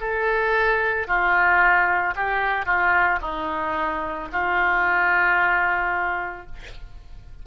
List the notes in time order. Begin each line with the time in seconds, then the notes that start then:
0.00 A4
1.07 F4
2.16 G4
2.65 F4
3.21 D#4
4.32 F4